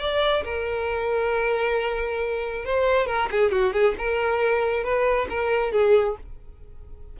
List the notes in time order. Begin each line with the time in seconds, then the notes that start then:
0.00 D5
0.45 A#4
2.66 C5
3.07 A#4
3.31 G#4
3.52 F#4
3.74 G#4
3.99 A#4
4.84 B4
5.30 A#4
5.73 G#4